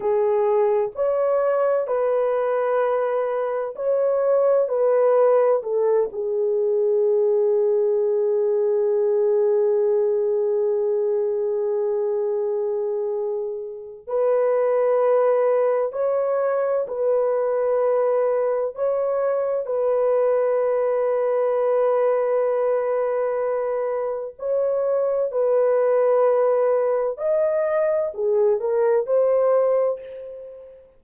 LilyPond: \new Staff \with { instrumentName = "horn" } { \time 4/4 \tempo 4 = 64 gis'4 cis''4 b'2 | cis''4 b'4 a'8 gis'4.~ | gis'1~ | gis'2. b'4~ |
b'4 cis''4 b'2 | cis''4 b'2.~ | b'2 cis''4 b'4~ | b'4 dis''4 gis'8 ais'8 c''4 | }